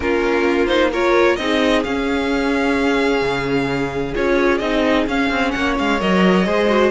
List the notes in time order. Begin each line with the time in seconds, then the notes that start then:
0.00 A#3 C#4 F4 A#4
0.67 D#4 C5
0.91 F4 A#4 C#5
1.36 C4 D#4 G#4 D#5
1.83 C#4 F5
3.21 C#3
4.14 C#4 F4 C#5
4.58 C4 D#4 D#5
5.06 C#4 F5
5.30 C4
5.51 A#3 C#5 F#5
5.78 G#3 F5
5.99 F#3 A#4 D#5
6.45 G#3 G#4 C5
6.68 F#4